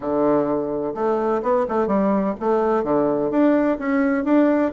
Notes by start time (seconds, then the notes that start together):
0.00 D3
0.94 A3
1.42 B3
1.68 A3
1.87 G3
2.40 A3
2.83 D3
3.30 D4
3.78 C#4
4.24 D4